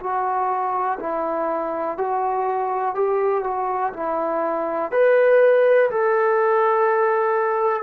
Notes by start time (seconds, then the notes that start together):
0.00 F#4
1.00 E4
1.97 F#4
2.95 G4
3.43 F#4
3.93 E4
4.91 B4
5.90 A4